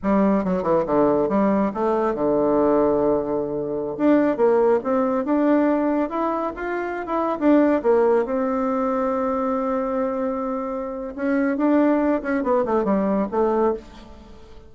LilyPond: \new Staff \with { instrumentName = "bassoon" } { \time 4/4 \tempo 4 = 140 g4 fis8 e8 d4 g4 | a4 d2.~ | d4~ d16 d'4 ais4 c'8.~ | c'16 d'2 e'4 f'8.~ |
f'8 e'8. d'4 ais4 c'8.~ | c'1~ | c'2 cis'4 d'4~ | d'8 cis'8 b8 a8 g4 a4 | }